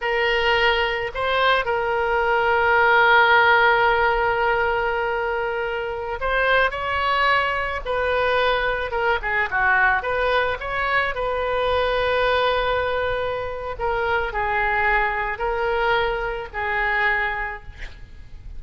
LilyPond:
\new Staff \with { instrumentName = "oboe" } { \time 4/4 \tempo 4 = 109 ais'2 c''4 ais'4~ | ais'1~ | ais'2.~ ais'16 c''8.~ | c''16 cis''2 b'4.~ b'16~ |
b'16 ais'8 gis'8 fis'4 b'4 cis''8.~ | cis''16 b'2.~ b'8.~ | b'4 ais'4 gis'2 | ais'2 gis'2 | }